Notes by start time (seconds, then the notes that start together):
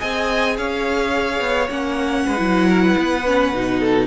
0.00 C4 G#4 D#5 G#5
0.58 C#4 C#5 F5
1.41 B3
1.70 A#3 C#4 F#5
2.27 G#3 B4
2.37 F#3 E4
2.70 A#4
2.82 B4
2.98 B3
3.27 C#4
3.53 B2 D#4
3.80 A4